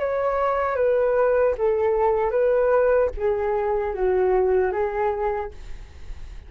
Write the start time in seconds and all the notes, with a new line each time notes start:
0.00 C#5
0.76 B4
1.58 A4
2.31 B4
3.17 G#4
3.94 F#4
4.73 G#4